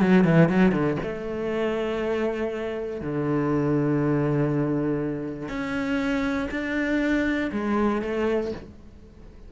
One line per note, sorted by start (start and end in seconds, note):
0.00 0.24 F#3
0.24 0.49 E3
0.49 0.72 F#3
0.72 0.97 D3
1.02 3.01 A3
3.01 5.49 D3
5.49 6.49 C#4
6.51 7.51 D4
7.52 8.02 G#3
8.02 8.52 A3